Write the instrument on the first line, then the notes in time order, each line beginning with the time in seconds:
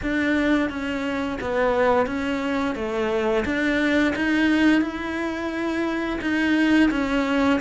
cello
0.02 D4
0.69 C#4
1.40 B3
2.06 C#4
2.75 A3
3.45 D4
4.15 D#4
4.81 E4
6.21 D#4
6.91 C#4